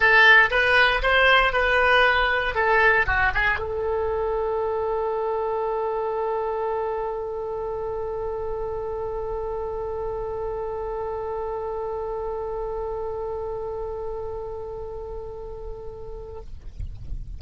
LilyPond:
\new Staff \with { instrumentName = "oboe" } { \time 4/4 \tempo 4 = 117 a'4 b'4 c''4 b'4~ | b'4 a'4 fis'8 gis'8 a'4~ | a'1~ | a'1~ |
a'1~ | a'1~ | a'1~ | a'1 | }